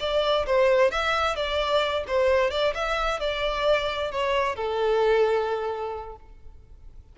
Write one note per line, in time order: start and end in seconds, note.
0.00 0.46 D5
0.46 0.91 C5
0.91 1.36 E5
1.36 2.04 D5
2.07 2.51 C5
2.51 2.74 D5
2.75 3.20 E5
3.20 4.12 D5
4.12 4.56 C#5
4.56 6.16 A4